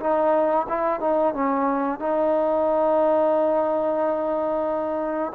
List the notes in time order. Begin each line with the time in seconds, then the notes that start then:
0.00 D#4
0.69 E4
1.01 D#4
1.34 C#4
1.99 D#4